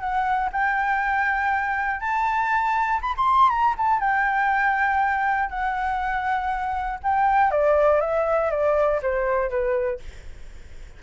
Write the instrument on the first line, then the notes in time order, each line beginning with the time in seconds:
flute
0.00 F#5
0.53 G5
2.00 A5
3.02 B5
3.17 C6
3.50 A#5
3.77 A5
4.00 G5
5.50 F#5
7.03 G5
7.51 D5
8.01 E5
8.51 D5
9.02 C5
9.50 B4